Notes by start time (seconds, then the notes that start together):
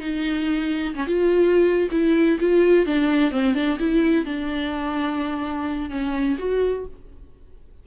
0.00 D#4
0.95 C#4
1.07 F4
1.91 E4
2.40 F4
2.86 D4
3.31 C4
3.55 D4
3.79 E4
4.25 D4
5.90 C#4
6.38 F#4